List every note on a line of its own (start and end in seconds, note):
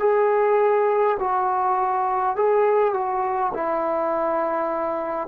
0.00 1.18 G#4
1.20 2.36 F#4
2.36 2.94 G#4
2.94 3.53 F#4
3.53 5.28 E4